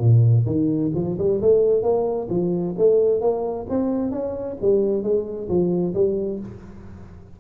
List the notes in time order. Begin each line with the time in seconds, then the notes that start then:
0.00 A#2
0.46 D#3
0.95 F3
1.18 G3
1.42 A3
1.83 A#3
2.30 F3
2.78 A3
3.21 A#3
3.69 C4
4.11 C#4
4.62 G3
5.03 G#3
5.49 F3
5.94 G3